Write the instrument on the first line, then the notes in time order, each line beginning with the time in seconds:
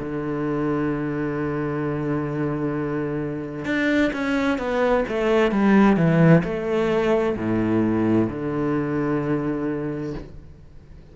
cello
0.00 D3
3.65 D4
4.13 C#4
4.59 B3
5.09 A3
5.52 G3
5.97 E3
6.44 A3
7.37 A2
8.30 D3